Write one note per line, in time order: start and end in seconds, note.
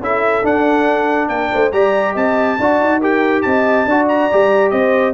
0.00 0.43 C#4
0.00 0.43 E4
0.00 1.29 A4
0.00 0.46 E5
0.43 1.72 D4
0.43 1.29 D4
0.43 1.29 F#5
1.29 1.51 A#3
1.29 1.51 A#4
1.29 1.72 G5
1.52 1.73 A3
1.52 1.74 C5
1.72 2.16 G3
1.72 2.58 G4
1.72 2.13 D5
1.72 2.15 A#5
2.13 2.58 C4
2.13 2.56 D#5
2.13 3.02 A5
2.60 2.81 D4
2.60 3.02 F#4
2.60 3.00 D5
2.81 3.45 D#4
3.00 3.87 G4
3.00 3.43 A#4
3.00 3.42 G5
3.42 3.86 C4
3.42 3.88 D#5
3.42 4.06 A5
3.86 4.28 D4
3.86 4.32 F#4
3.86 4.73 D5
4.09 4.71 A#5
4.32 4.72 G3
4.32 5.14 G4
4.71 5.14 C4
4.71 5.14 C5
4.71 5.13 D#5